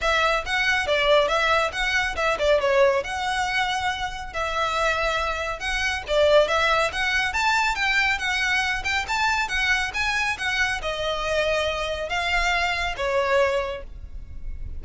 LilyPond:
\new Staff \with { instrumentName = "violin" } { \time 4/4 \tempo 4 = 139 e''4 fis''4 d''4 e''4 | fis''4 e''8 d''8 cis''4 fis''4~ | fis''2 e''2~ | e''4 fis''4 d''4 e''4 |
fis''4 a''4 g''4 fis''4~ | fis''8 g''8 a''4 fis''4 gis''4 | fis''4 dis''2. | f''2 cis''2 | }